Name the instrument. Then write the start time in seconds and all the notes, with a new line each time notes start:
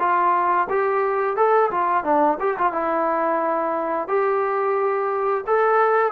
trombone
0.00 F4
0.70 G4
1.37 A4
1.71 F4
2.04 D4
2.41 G4
2.59 F4
2.73 E4
4.08 G4
5.47 A4